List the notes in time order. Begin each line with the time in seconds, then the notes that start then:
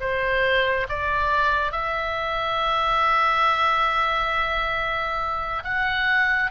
0.00 C5
0.89 D5
1.72 E5
5.64 F#5